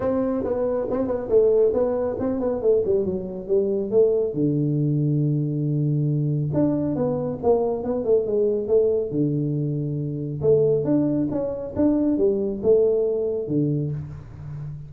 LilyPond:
\new Staff \with { instrumentName = "tuba" } { \time 4/4 \tempo 4 = 138 c'4 b4 c'8 b8 a4 | b4 c'8 b8 a8 g8 fis4 | g4 a4 d2~ | d2. d'4 |
b4 ais4 b8 a8 gis4 | a4 d2. | a4 d'4 cis'4 d'4 | g4 a2 d4 | }